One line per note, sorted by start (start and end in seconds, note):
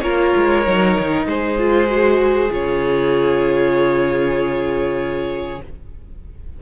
0.00 0.32 A#3
0.00 0.65 F4
0.00 1.27 A#4
0.00 1.24 C#5
0.36 0.66 G#3
0.66 0.97 F#3
0.66 1.58 D#4
0.99 1.26 D#3
1.26 2.49 G#3
1.26 5.62 G#4
1.26 2.51 C5
1.58 1.87 F4
1.87 2.49 F#4
2.49 5.60 C#3
2.49 5.59 F4
2.49 5.62 C#5